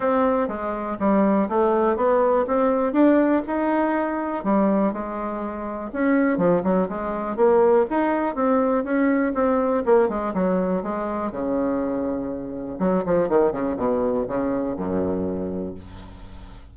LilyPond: \new Staff \with { instrumentName = "bassoon" } { \time 4/4 \tempo 4 = 122 c'4 gis4 g4 a4 | b4 c'4 d'4 dis'4~ | dis'4 g4 gis2 | cis'4 f8 fis8 gis4 ais4 |
dis'4 c'4 cis'4 c'4 | ais8 gis8 fis4 gis4 cis4~ | cis2 fis8 f8 dis8 cis8 | b,4 cis4 fis,2 | }